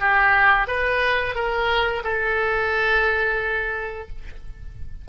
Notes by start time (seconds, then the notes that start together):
0.00 G4
0.68 B4
1.35 A#4
2.04 A4